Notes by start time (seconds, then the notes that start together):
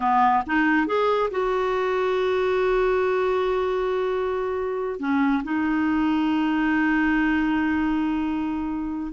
0.00 B3
0.46 D#4
0.86 G#4
1.30 F#4
4.99 C#4
5.43 D#4